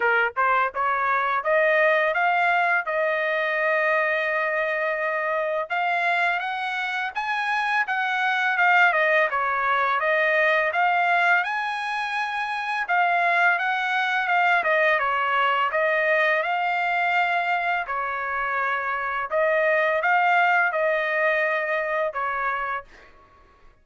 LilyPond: \new Staff \with { instrumentName = "trumpet" } { \time 4/4 \tempo 4 = 84 ais'8 c''8 cis''4 dis''4 f''4 | dis''1 | f''4 fis''4 gis''4 fis''4 | f''8 dis''8 cis''4 dis''4 f''4 |
gis''2 f''4 fis''4 | f''8 dis''8 cis''4 dis''4 f''4~ | f''4 cis''2 dis''4 | f''4 dis''2 cis''4 | }